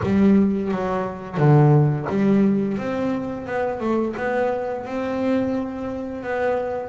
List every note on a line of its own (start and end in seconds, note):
0.02 0.71 G3
0.71 1.37 F#3
1.37 2.06 D3
2.09 2.77 G3
2.77 3.46 C4
3.46 3.80 B3
3.80 4.14 A3
4.16 4.85 B3
4.85 6.23 C4
6.23 6.88 B3